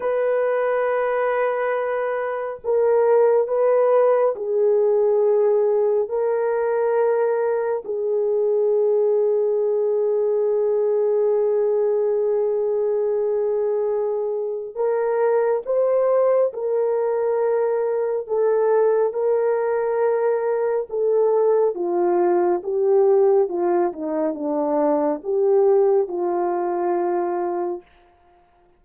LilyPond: \new Staff \with { instrumentName = "horn" } { \time 4/4 \tempo 4 = 69 b'2. ais'4 | b'4 gis'2 ais'4~ | ais'4 gis'2.~ | gis'1~ |
gis'4 ais'4 c''4 ais'4~ | ais'4 a'4 ais'2 | a'4 f'4 g'4 f'8 dis'8 | d'4 g'4 f'2 | }